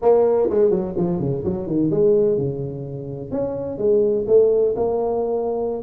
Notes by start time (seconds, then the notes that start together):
0.02 A#3
0.49 G#3
0.70 F#3
0.97 F3
1.19 C#3
1.44 F#3
1.66 D#3
1.90 G#3
2.37 C#3
3.31 C#4
3.78 G#3
4.27 A3
4.76 A#3